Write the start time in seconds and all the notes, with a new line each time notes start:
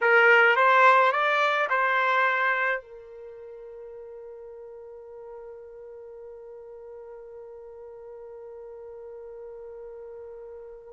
0.01 A#4
0.56 C5
1.12 D5
1.69 C5
2.81 A#4